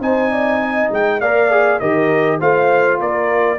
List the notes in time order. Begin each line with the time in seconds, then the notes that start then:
0.00 C4 D#4 C5 G#5
0.32 D5
0.62 D#5
0.91 G#3 G5
1.20 A#3 A#4 D5 F5
1.50 G#4
1.80 D#3 G4 A#4 D#5
2.39 A3 F4 C5 F5
2.99 A#3 A#4 D5